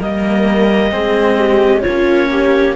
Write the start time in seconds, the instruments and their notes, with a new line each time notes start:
0.00 cello G3 A#3, viola A#4, clarinet D#5
0.92 cello G#3 C4, viola G#4
1.39 viola G4
1.82 cello A#3, viola F4, clarinet C#5
1.89 cello C#4
2.32 viola G4